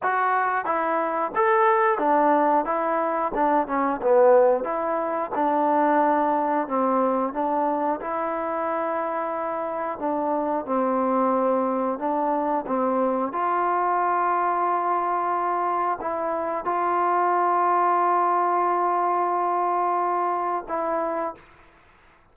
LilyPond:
\new Staff \with { instrumentName = "trombone" } { \time 4/4 \tempo 4 = 90 fis'4 e'4 a'4 d'4 | e'4 d'8 cis'8 b4 e'4 | d'2 c'4 d'4 | e'2. d'4 |
c'2 d'4 c'4 | f'1 | e'4 f'2.~ | f'2. e'4 | }